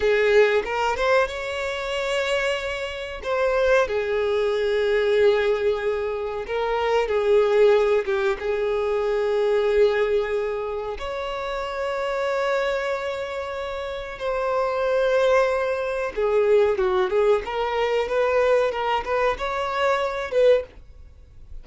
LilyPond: \new Staff \with { instrumentName = "violin" } { \time 4/4 \tempo 4 = 93 gis'4 ais'8 c''8 cis''2~ | cis''4 c''4 gis'2~ | gis'2 ais'4 gis'4~ | gis'8 g'8 gis'2.~ |
gis'4 cis''2.~ | cis''2 c''2~ | c''4 gis'4 fis'8 gis'8 ais'4 | b'4 ais'8 b'8 cis''4. b'8 | }